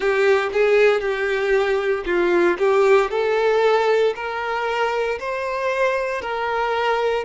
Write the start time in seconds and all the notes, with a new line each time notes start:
0.00 G4
0.52 G#4
1.00 G4
2.05 F4
2.58 G4
3.10 A4
4.15 A#4
5.19 C5
6.21 A#4